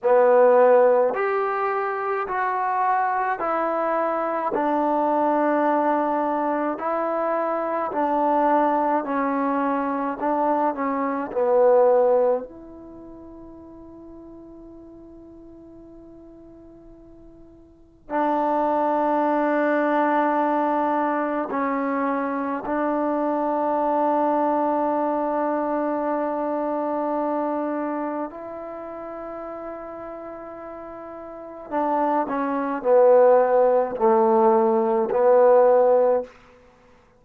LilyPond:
\new Staff \with { instrumentName = "trombone" } { \time 4/4 \tempo 4 = 53 b4 g'4 fis'4 e'4 | d'2 e'4 d'4 | cis'4 d'8 cis'8 b4 e'4~ | e'1 |
d'2. cis'4 | d'1~ | d'4 e'2. | d'8 cis'8 b4 a4 b4 | }